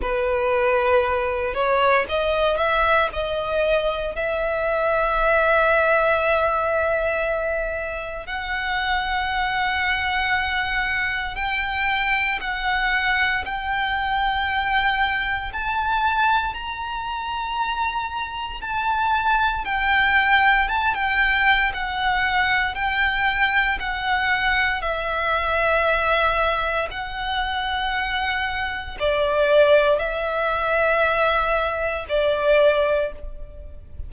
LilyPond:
\new Staff \with { instrumentName = "violin" } { \time 4/4 \tempo 4 = 58 b'4. cis''8 dis''8 e''8 dis''4 | e''1 | fis''2. g''4 | fis''4 g''2 a''4 |
ais''2 a''4 g''4 | a''16 g''8. fis''4 g''4 fis''4 | e''2 fis''2 | d''4 e''2 d''4 | }